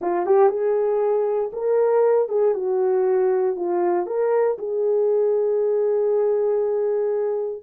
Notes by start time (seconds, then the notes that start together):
0.01 F4
0.26 G4
0.49 G#4
1.53 A#4
2.28 G#4
2.54 F#4
3.56 F4
4.06 A#4
4.58 G#4